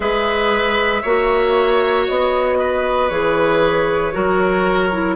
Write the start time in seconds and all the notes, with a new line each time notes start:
0.00 G#3 G#4 B4 E5
1.02 A#3 F#4 C#5
2.07 B3 D#5
2.58 B4
3.09 E3 G#4 C#5
4.12 F#3 F#4 A#4
4.92 E4